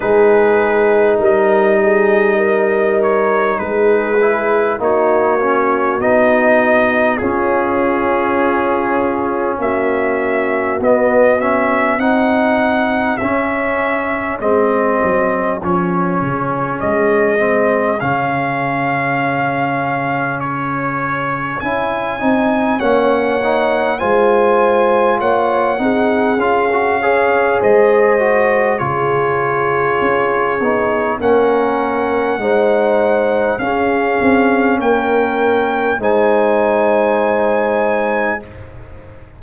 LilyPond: <<
  \new Staff \with { instrumentName = "trumpet" } { \time 4/4 \tempo 4 = 50 b'4 dis''4. cis''8 b'4 | cis''4 dis''4 gis'2 | e''4 dis''8 e''8 fis''4 e''4 | dis''4 cis''4 dis''4 f''4~ |
f''4 cis''4 gis''4 fis''4 | gis''4 fis''4 f''4 dis''4 | cis''2 fis''2 | f''4 g''4 gis''2 | }
  \new Staff \with { instrumentName = "horn" } { \time 4/4 gis'4 ais'8 gis'8 ais'4 gis'4 | fis'2 f'2 | fis'2 gis'2~ | gis'1~ |
gis'2. cis''4 | c''4 cis''8 gis'4 cis''8 c''4 | gis'2 ais'4 c''4 | gis'4 ais'4 c''2 | }
  \new Staff \with { instrumentName = "trombone" } { \time 4/4 dis'2.~ dis'8 e'8 | dis'8 cis'8 dis'4 cis'2~ | cis'4 b8 cis'8 dis'4 cis'4 | c'4 cis'4. c'8 cis'4~ |
cis'2 e'8 dis'8 cis'8 dis'8 | f'4. dis'8 f'16 fis'16 gis'4 fis'8 | f'4. dis'8 cis'4 dis'4 | cis'2 dis'2 | }
  \new Staff \with { instrumentName = "tuba" } { \time 4/4 gis4 g2 gis4 | ais4 b4 cis'2 | ais4 b4 c'4 cis'4 | gis8 fis8 f8 cis8 gis4 cis4~ |
cis2 cis'8 c'8 ais4 | gis4 ais8 c'8 cis'4 gis4 | cis4 cis'8 b8 ais4 gis4 | cis'8 c'8 ais4 gis2 | }
>>